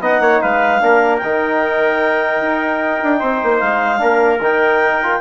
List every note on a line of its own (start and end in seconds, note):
0.00 0.20 B3
0.00 0.81 D#4
0.00 0.21 D#5
0.00 0.42 F#5
0.20 0.40 A#3
0.20 0.42 C#5
0.42 0.82 G#3
0.42 0.82 B4
0.42 1.18 F5
0.81 1.22 A#3
0.81 1.21 D4
0.81 3.20 A#4
1.18 2.41 D#3
1.18 3.58 G5
1.24 3.98 D#4
2.41 3.01 D#4
3.04 3.22 D4
3.20 3.42 C4
3.20 4.00 C5
3.43 3.62 A#3
3.60 4.02 G#3
3.60 4.40 F5
3.98 4.40 A#3
3.98 4.38 D4
3.98 5.21 A#4
4.40 5.20 D#3
4.40 5.03 D#4
4.40 5.21 G5
5.03 5.21 F4